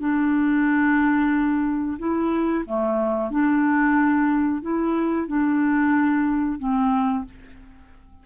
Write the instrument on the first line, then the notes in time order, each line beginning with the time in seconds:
clarinet
0.00 D4
1.98 E4
2.66 A3
3.31 D4
4.62 E4
5.27 D4
6.58 C4